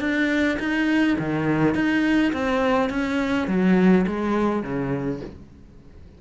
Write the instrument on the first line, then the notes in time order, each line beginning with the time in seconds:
cello
0.00 D4
0.59 D#4
1.19 D#3
1.75 D#4
2.33 C4
2.90 C#4
3.48 F#3
4.07 G#3
4.63 C#3